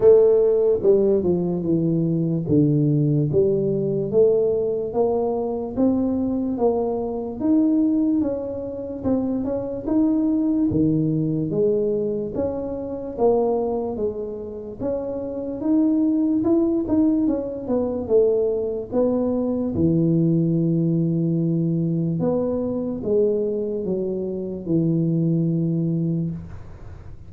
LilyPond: \new Staff \with { instrumentName = "tuba" } { \time 4/4 \tempo 4 = 73 a4 g8 f8 e4 d4 | g4 a4 ais4 c'4 | ais4 dis'4 cis'4 c'8 cis'8 | dis'4 dis4 gis4 cis'4 |
ais4 gis4 cis'4 dis'4 | e'8 dis'8 cis'8 b8 a4 b4 | e2. b4 | gis4 fis4 e2 | }